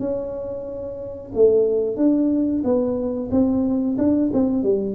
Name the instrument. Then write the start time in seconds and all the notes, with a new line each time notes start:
tuba
0.00 C#4
1.35 A3
1.97 D4
2.64 B3
3.31 C4
3.99 D4
4.34 C4
4.63 G3